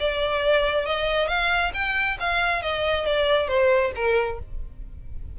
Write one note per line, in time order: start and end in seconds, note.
0.00 0.86 D5
0.86 1.28 D#5
1.28 1.72 F5
1.74 2.18 G5
2.20 2.62 F5
2.62 3.06 D#5
3.06 3.48 D5
3.48 3.92 C5
3.95 4.39 A#4